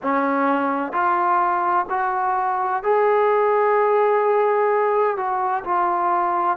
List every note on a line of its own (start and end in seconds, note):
0.02 0.92 C#4
0.92 1.86 F4
1.89 2.83 F#4
2.83 5.16 G#4
5.16 5.63 F#4
5.64 6.57 F4